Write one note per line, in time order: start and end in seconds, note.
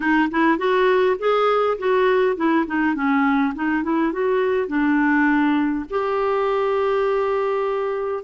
0.00 0.29 D#4
0.30 0.58 E4
0.58 1.17 F#4
1.18 1.77 G#4
1.78 2.36 F#4
2.36 2.65 E4
2.66 2.94 D#4
2.94 3.53 C#4
3.54 3.83 D#4
3.83 4.12 E4
4.12 4.67 F#4
4.67 5.85 D4
5.90 8.23 G4